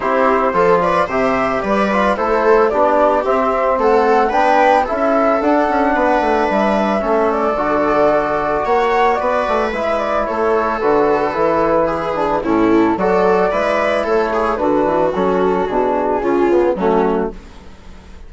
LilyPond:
<<
  \new Staff \with { instrumentName = "flute" } { \time 4/4 \tempo 4 = 111 c''4. d''8 e''4 d''4 | c''4 d''4 e''4 fis''4 | g''4 e''4 fis''2 | e''4. d''2~ d''8 |
fis''4 d''4 e''8 d''8 cis''4 | b'2. a'4 | d''2 cis''4 b'4 | a'4 gis'2 fis'4 | }
  \new Staff \with { instrumentName = "viola" } { \time 4/4 g'4 a'8 b'8 c''4 b'4 | a'4 g'2 a'4 | b'4 a'2 b'4~ | b'4 a'2. |
cis''4 b'2 a'4~ | a'2 gis'4 e'4 | a'4 b'4 a'8 gis'8 fis'4~ | fis'2 f'4 cis'4 | }
  \new Staff \with { instrumentName = "trombone" } { \time 4/4 e'4 f'4 g'4. f'8 | e'4 d'4 c'2 | d'4 e'4 d'2~ | d'4 cis'4 fis'2~ |
fis'2 e'2 | fis'4 e'4. d'8 cis'4 | fis'4 e'2 d'4 | cis'4 d'4 cis'8 b8 a4 | }
  \new Staff \with { instrumentName = "bassoon" } { \time 4/4 c'4 f4 c4 g4 | a4 b4 c'4 a4 | b4 cis'4 d'8 cis'8 b8 a8 | g4 a4 d2 |
ais4 b8 a8 gis4 a4 | d4 e2 a,4 | fis4 gis4 a4 d8 e8 | fis4 b,4 cis4 fis4 | }
>>